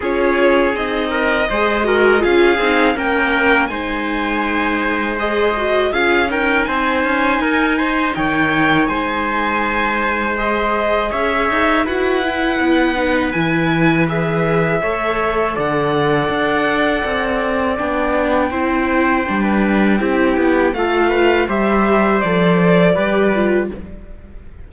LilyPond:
<<
  \new Staff \with { instrumentName = "violin" } { \time 4/4 \tempo 4 = 81 cis''4 dis''2 f''4 | g''4 gis''2 dis''4 | f''8 g''8 gis''2 g''4 | gis''2 dis''4 e''4 |
fis''2 gis''4 e''4~ | e''4 fis''2. | g''1 | f''4 e''4 d''2 | }
  \new Staff \with { instrumentName = "trumpet" } { \time 4/4 gis'4. ais'8 c''8 ais'8 gis'4 | ais'4 c''2. | gis'8 ais'8 c''4 ais'8 c''8 cis''4 | c''2. cis''4 |
b'1 | cis''4 d''2.~ | d''4 c''4~ c''16 b'8. g'4 | a'8 b'8 c''2 b'4 | }
  \new Staff \with { instrumentName = "viola" } { \time 4/4 f'4 dis'4 gis'8 fis'8 f'8 dis'8 | cis'4 dis'2 gis'8 fis'8 | f'8 dis'2.~ dis'8~ | dis'2 gis'2 |
fis'8 e'4 dis'8 e'4 gis'4 | a'1 | d'4 e'4 d'4 e'4 | f'4 g'4 a'4 g'8 f'8 | }
  \new Staff \with { instrumentName = "cello" } { \time 4/4 cis'4 c'4 gis4 cis'8 c'8 | ais4 gis2. | cis'4 c'8 cis'8 dis'4 dis4 | gis2. cis'8 dis'8 |
e'4 b4 e2 | a4 d4 d'4 c'4 | b4 c'4 g4 c'8 b8 | a4 g4 f4 g4 | }
>>